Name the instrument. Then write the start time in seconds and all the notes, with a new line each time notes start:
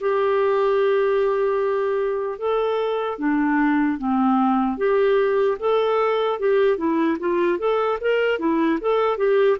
clarinet
0.00 G4
2.39 A4
3.19 D4
3.98 C4
4.77 G4
5.59 A4
6.39 G4
6.77 E4
7.19 F4
7.59 A4
8.00 A#4
8.39 E4
8.81 A4
9.17 G4